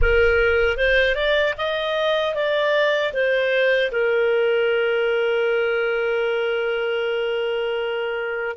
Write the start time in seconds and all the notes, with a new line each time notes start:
0.01 A#4
0.77 C5
1.15 D5
1.57 D#5
2.34 D5
3.13 C5
3.91 A#4